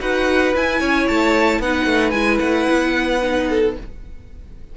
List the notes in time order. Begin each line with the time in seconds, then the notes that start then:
0.00 D#4 F#4 B4 F#5
0.56 E4 G#5
0.80 C#4 C#5
1.08 A3 A5
1.60 B3 D#4 B4 F#5
1.86 A3
2.11 G#3 E4 G#5
2.39 A3 F#5
2.70 B3
3.22 D#4
3.50 A4